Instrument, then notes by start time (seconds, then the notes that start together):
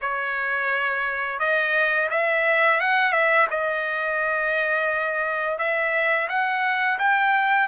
trumpet
0.01 C#5
1.39 D#5
2.10 E5
2.80 F#5
3.12 E5
3.50 D#5
5.58 E5
6.28 F#5
6.98 G5